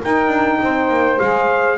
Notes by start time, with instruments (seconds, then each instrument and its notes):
0.00 saxophone D#4 A#4, double bass D#4, trumpet G5
0.28 double bass D4
0.62 double bass C4, saxophone C5
0.89 double bass A#3
1.19 double bass G#3, saxophone G#4, trumpet F5